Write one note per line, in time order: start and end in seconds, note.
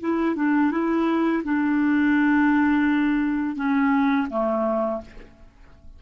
0.00 0.35 E4
0.35 0.71 D4
0.71 1.43 E4
1.44 3.56 D4
3.56 4.27 C#4
4.30 5.01 A3